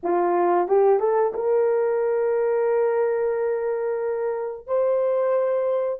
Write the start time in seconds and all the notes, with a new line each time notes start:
0.03 F4
0.68 G4
0.99 A4
1.34 A#4
4.66 C5